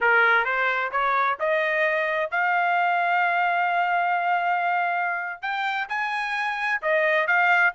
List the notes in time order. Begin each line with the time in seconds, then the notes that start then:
0.01 A#4
0.44 C5
0.91 C#5
1.39 D#5
2.30 F5
5.41 G5
5.88 G#5
6.82 D#5
7.27 F5